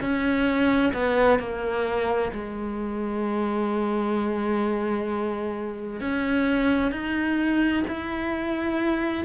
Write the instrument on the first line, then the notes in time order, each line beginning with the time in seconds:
cello
0.00 C#4
0.93 B3
1.39 A#3
2.32 G#3
6.00 C#4
6.91 D#4
7.87 E4